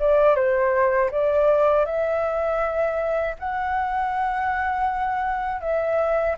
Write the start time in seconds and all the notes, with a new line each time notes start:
0.00 D5
0.36 C5
1.11 D5
1.86 E5
3.39 F#5
5.61 E5